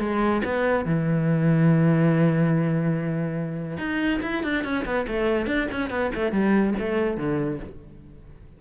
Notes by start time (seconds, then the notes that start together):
0.00 G#3
0.45 B3
0.86 E3
3.78 D#4
4.22 E4
4.43 D4
4.64 C#4
4.85 B3
5.08 A3
5.46 D4
5.72 C#4
5.90 B3
6.15 A3
6.32 G3
6.79 A3
7.17 D3